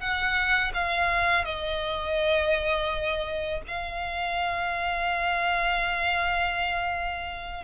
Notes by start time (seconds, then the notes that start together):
0.00 F#5
0.74 F5
1.45 D#5
3.68 F5